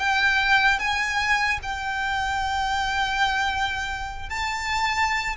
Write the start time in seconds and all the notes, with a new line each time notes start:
0.00 G5
0.80 G#5
1.63 G5
4.30 A5